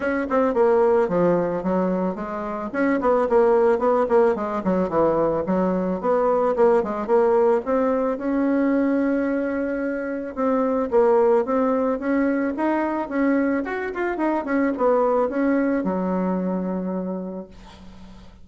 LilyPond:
\new Staff \with { instrumentName = "bassoon" } { \time 4/4 \tempo 4 = 110 cis'8 c'8 ais4 f4 fis4 | gis4 cis'8 b8 ais4 b8 ais8 | gis8 fis8 e4 fis4 b4 | ais8 gis8 ais4 c'4 cis'4~ |
cis'2. c'4 | ais4 c'4 cis'4 dis'4 | cis'4 fis'8 f'8 dis'8 cis'8 b4 | cis'4 fis2. | }